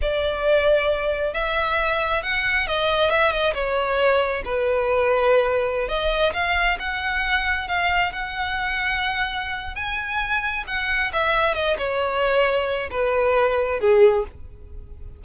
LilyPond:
\new Staff \with { instrumentName = "violin" } { \time 4/4 \tempo 4 = 135 d''2. e''4~ | e''4 fis''4 dis''4 e''8 dis''8 | cis''2 b'2~ | b'4~ b'16 dis''4 f''4 fis''8.~ |
fis''4~ fis''16 f''4 fis''4.~ fis''16~ | fis''2 gis''2 | fis''4 e''4 dis''8 cis''4.~ | cis''4 b'2 gis'4 | }